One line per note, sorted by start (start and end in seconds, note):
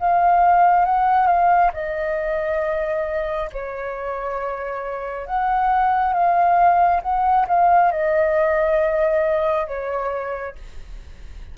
0.00 0.86 F5
0.86 1.27 F#5
1.27 1.71 F5
1.74 3.51 D#5
3.53 5.27 C#5
5.27 6.14 F#5
6.14 7.02 F5
7.03 7.47 F#5
7.48 7.92 F5
7.92 9.68 D#5
9.68 10.56 C#5